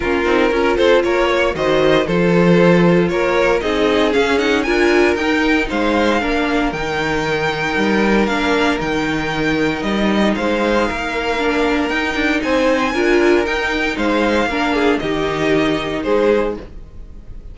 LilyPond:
<<
  \new Staff \with { instrumentName = "violin" } { \time 4/4 \tempo 4 = 116 ais'4. c''8 cis''4 dis''4 | c''2 cis''4 dis''4 | f''8 fis''8 gis''4 g''4 f''4~ | f''4 g''2. |
f''4 g''2 dis''4 | f''2. g''4 | gis''2 g''4 f''4~ | f''4 dis''2 c''4 | }
  \new Staff \with { instrumentName = "violin" } { \time 4/4 f'4 ais'8 a'8 ais'8 cis''8 c''4 | a'2 ais'4 gis'4~ | gis'4 ais'2 c''4 | ais'1~ |
ais'1 | c''4 ais'2. | c''4 ais'2 c''4 | ais'8 gis'8 g'2 gis'4 | }
  \new Staff \with { instrumentName = "viola" } { \time 4/4 cis'8 dis'8 f'2 fis'4 | f'2. dis'4 | cis'8 dis'8 f'4 dis'2 | d'4 dis'2. |
d'4 dis'2.~ | dis'2 d'4 dis'4~ | dis'4 f'4 dis'2 | d'4 dis'2. | }
  \new Staff \with { instrumentName = "cello" } { \time 4/4 ais8 c'8 cis'8 c'8 ais4 dis4 | f2 ais4 c'4 | cis'4 d'4 dis'4 gis4 | ais4 dis2 g4 |
ais4 dis2 g4 | gis4 ais2 dis'8 d'8 | c'4 d'4 dis'4 gis4 | ais4 dis2 gis4 | }
>>